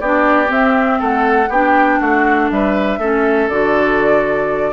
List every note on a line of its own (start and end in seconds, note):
0.00 0.50 B3
0.00 0.46 D4
0.00 0.99 G4
0.00 0.50 D5
0.46 1.46 C4
0.46 1.00 C4
0.46 1.01 E5
0.99 1.49 A3
0.99 1.49 A4
0.99 1.52 F#5
1.49 1.99 B3
1.49 3.01 D4
1.49 1.99 G4
1.49 2.00 G5
2.00 2.51 A3
2.00 2.50 F#4
2.00 2.50 F#5
2.50 2.98 G3
2.50 2.99 B4
2.50 3.49 E5
2.98 3.48 A3
2.98 3.51 C#4
2.98 4.73 A4
3.49 4.73 D3
3.49 4.73 F#4
3.49 4.73 D5